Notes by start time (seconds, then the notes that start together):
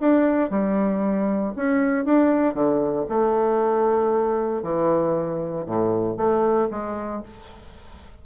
0.00 D4
0.50 G3
1.56 C#4
2.05 D4
2.54 D3
3.09 A3
4.62 E3
5.66 A2
6.17 A3
6.71 G#3